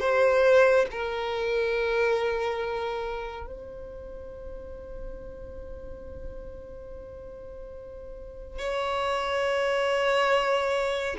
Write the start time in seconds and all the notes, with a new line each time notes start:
0.00 C5
0.91 A#4
3.47 C5
8.59 C#5